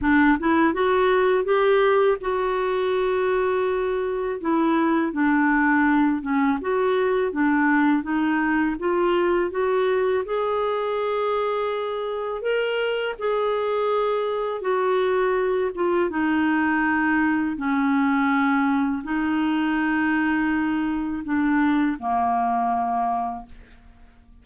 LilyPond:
\new Staff \with { instrumentName = "clarinet" } { \time 4/4 \tempo 4 = 82 d'8 e'8 fis'4 g'4 fis'4~ | fis'2 e'4 d'4~ | d'8 cis'8 fis'4 d'4 dis'4 | f'4 fis'4 gis'2~ |
gis'4 ais'4 gis'2 | fis'4. f'8 dis'2 | cis'2 dis'2~ | dis'4 d'4 ais2 | }